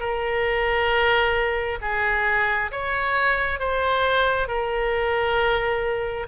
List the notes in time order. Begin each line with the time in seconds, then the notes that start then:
0.00 A#4
1.82 G#4
2.72 C#5
3.59 C5
4.48 A#4